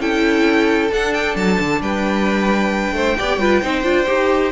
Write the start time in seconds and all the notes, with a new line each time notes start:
0.00 C#4 E4 A4 G5
0.92 D4 F#5
1.13 G5
1.36 F#3 A5
1.60 D3
1.81 G3 B4 G5
2.92 A3 C5
3.18 B3 G4 D5
3.37 G3 F4 B4
3.62 C4 D#4 C5
3.83 D4 F4
4.07 D#4 G4